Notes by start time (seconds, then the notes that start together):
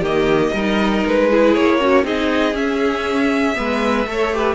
0.00 D#3 A#3 G4 D#5
0.53 G3 D#4 A#4
1.06 G#3 B4
1.30 E4 G#4
1.54 A#3 C#5
1.80 C#4 F#4
2.03 C4 D#4 G#4 D#5
2.54 C#4 E5
3.54 G#3 B3 B4
4.06 A3 A4 C#5
4.33 G4 B4